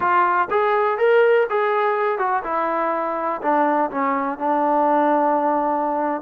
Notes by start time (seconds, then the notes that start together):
0.00 F4
0.50 G#4
0.98 A#4
1.49 G#4
2.18 F#4
2.43 E4
3.41 D4
3.90 C#4
4.38 D4